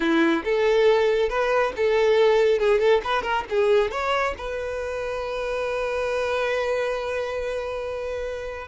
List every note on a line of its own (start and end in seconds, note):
0.00 0.43 E4
0.44 1.29 A4
1.29 1.72 B4
1.76 2.59 A4
2.59 2.79 G#4
2.79 3.01 A4
3.03 3.22 B4
3.22 3.44 A#4
3.49 3.91 G#4
3.91 4.34 C#5
4.37 8.67 B4